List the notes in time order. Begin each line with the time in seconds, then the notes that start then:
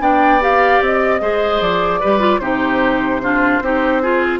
0.00 B3 D4 D5 G5
0.41 G4 F5
0.81 C4 D#5
1.21 G#3 G#4 C5
1.61 F3 D5
2.00 G3 G4 B4
2.20 F4
2.39 C3 D#4 G4 C5
3.22 D4 F4
3.60 C4 D#4 G4
4.02 F4 G#4